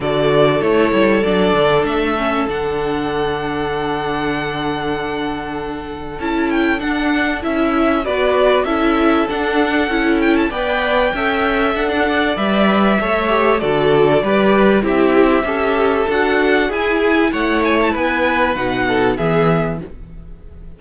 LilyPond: <<
  \new Staff \with { instrumentName = "violin" } { \time 4/4 \tempo 4 = 97 d''4 cis''4 d''4 e''4 | fis''1~ | fis''2 a''8 g''8 fis''4 | e''4 d''4 e''4 fis''4~ |
fis''8 g''16 a''16 g''2 fis''4 | e''2 d''2 | e''2 fis''4 gis''4 | fis''8 gis''16 a''16 gis''4 fis''4 e''4 | }
  \new Staff \with { instrumentName = "violin" } { \time 4/4 a'1~ | a'1~ | a'1~ | a'4 b'4 a'2~ |
a'4 d''4 e''4~ e''16 d'16 d''8~ | d''4 cis''4 a'4 b'4 | g'4 a'2 gis'4 | cis''4 b'4. a'8 gis'4 | }
  \new Staff \with { instrumentName = "viola" } { \time 4/4 fis'4 e'4 d'4. cis'8 | d'1~ | d'2 e'4 d'4 | e'4 fis'4 e'4 d'4 |
e'4 b'4 a'2 | b'4 a'8 g'8 fis'4 g'4 | e'4 g'4 fis'4 e'4~ | e'2 dis'4 b4 | }
  \new Staff \with { instrumentName = "cello" } { \time 4/4 d4 a8 g8 fis8 d8 a4 | d1~ | d2 cis'4 d'4 | cis'4 b4 cis'4 d'4 |
cis'4 b4 cis'4 d'4 | g4 a4 d4 g4 | c'4 cis'4 d'4 e'4 | a4 b4 b,4 e4 | }
>>